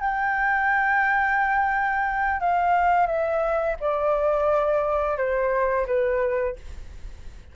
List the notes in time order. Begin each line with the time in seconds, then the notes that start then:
0.00 G5
2.40 F5
3.07 E5
3.80 D5
5.17 C5
5.87 B4